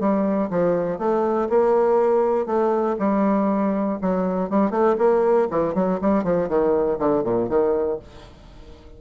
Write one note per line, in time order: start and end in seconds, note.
0.00 0.50 G3
0.50 0.99 F3
0.99 1.49 A3
1.50 2.46 A#3
2.46 2.96 A3
2.99 3.99 G3
4.01 4.50 F#3
4.50 4.71 G3
4.71 4.96 A3
4.98 5.48 A#3
5.51 5.75 E3
5.75 6.00 F#3
6.02 6.24 G3
6.24 6.49 F3
6.49 6.99 D#3
6.99 7.24 D3
7.24 7.49 A#2
7.49 7.99 D#3